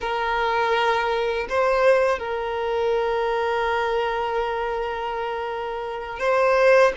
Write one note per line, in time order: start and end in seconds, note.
0.00 1.47 A#4
1.49 2.19 C5
2.19 6.19 A#4
6.19 6.92 C5